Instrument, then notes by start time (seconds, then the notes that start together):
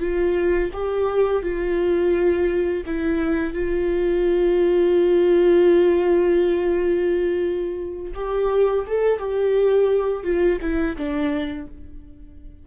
viola
0.00 F4
0.73 G4
1.43 F4
2.87 E4
3.54 F4
8.15 G4
8.87 A4
9.19 G4
10.24 F4
10.62 E4
10.97 D4